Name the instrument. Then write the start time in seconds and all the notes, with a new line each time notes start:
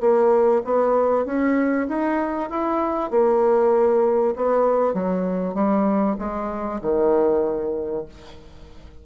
bassoon
0.00 A#3
0.64 B3
1.25 C#4
1.88 D#4
2.50 E4
3.11 A#3
4.36 B3
4.94 F#3
5.54 G3
6.19 G#3
6.82 D#3